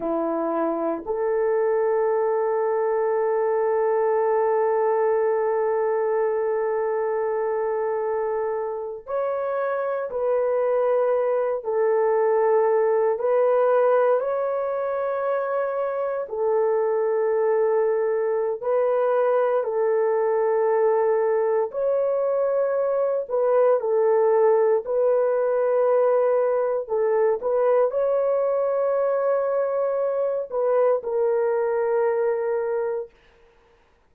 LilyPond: \new Staff \with { instrumentName = "horn" } { \time 4/4 \tempo 4 = 58 e'4 a'2.~ | a'1~ | a'8. cis''4 b'4. a'8.~ | a'8. b'4 cis''2 a'16~ |
a'2 b'4 a'4~ | a'4 cis''4. b'8 a'4 | b'2 a'8 b'8 cis''4~ | cis''4. b'8 ais'2 | }